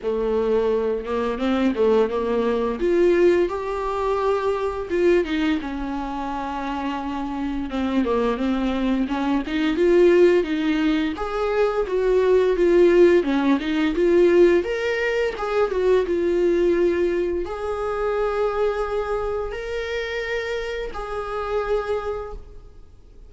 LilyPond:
\new Staff \with { instrumentName = "viola" } { \time 4/4 \tempo 4 = 86 a4. ais8 c'8 a8 ais4 | f'4 g'2 f'8 dis'8 | cis'2. c'8 ais8 | c'4 cis'8 dis'8 f'4 dis'4 |
gis'4 fis'4 f'4 cis'8 dis'8 | f'4 ais'4 gis'8 fis'8 f'4~ | f'4 gis'2. | ais'2 gis'2 | }